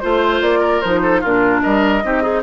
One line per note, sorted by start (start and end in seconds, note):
0.00 0.41 A3
0.00 0.82 F4
0.00 0.40 C5
0.00 0.59 C5
0.41 0.82 A#3
0.41 0.81 D5
0.59 1.00 A#4
0.81 1.24 F3
0.81 1.24 D#4
0.81 1.21 C5
1.03 1.20 A4
1.20 1.65 A#2
1.20 2.03 D4
1.20 1.61 F4
1.20 1.62 A#4
1.62 2.04 G3
1.62 2.03 A#4
1.62 2.42 D#5
2.03 2.43 C4
2.03 2.22 D#4
2.03 2.23 G4
2.22 2.43 D#4
2.22 2.42 G#4